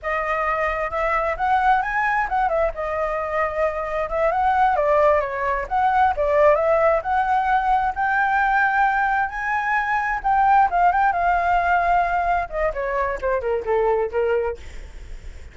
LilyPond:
\new Staff \with { instrumentName = "flute" } { \time 4/4 \tempo 4 = 132 dis''2 e''4 fis''4 | gis''4 fis''8 e''8 dis''2~ | dis''4 e''8 fis''4 d''4 cis''8~ | cis''8 fis''4 d''4 e''4 fis''8~ |
fis''4. g''2~ g''8~ | g''8 gis''2 g''4 f''8 | g''8 f''2. dis''8 | cis''4 c''8 ais'8 a'4 ais'4 | }